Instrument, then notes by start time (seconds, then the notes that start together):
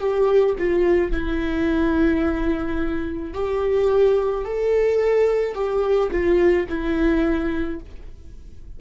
viola
0.00 G4
0.59 F4
1.12 E4
3.34 G4
4.45 A4
5.55 G4
6.12 F4
6.69 E4